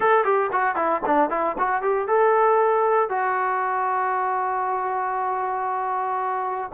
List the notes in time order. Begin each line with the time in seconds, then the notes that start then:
0.00 A4
0.24 G4
0.52 F#4
0.75 E4
1.06 D4
1.30 E4
1.58 F#4
1.82 G4
2.07 A4
3.09 F#4